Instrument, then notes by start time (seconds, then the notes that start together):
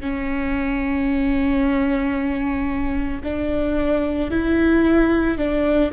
viola
0.00 C#4
3.23 D4
4.30 E4
5.38 D4